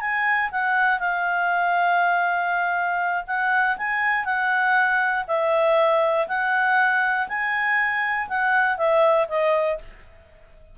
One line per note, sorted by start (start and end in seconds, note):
0.00 0.50 G#5
0.52 0.99 F#5
0.99 3.24 F5
3.27 3.77 F#5
3.77 4.25 G#5
4.25 5.25 F#5
5.27 6.27 E5
6.28 7.28 F#5
7.28 8.28 G#5
8.29 8.78 F#5
8.78 9.28 E5
9.28 9.78 D#5